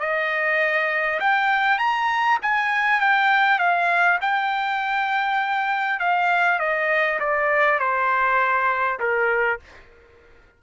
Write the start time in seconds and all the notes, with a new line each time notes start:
0.00 D#5
1.21 G5
1.79 A#5
2.42 G#5
3.01 G5
3.59 F5
4.22 G5
6.00 F5
6.59 D#5
7.20 D5
7.79 C5
9.00 A#4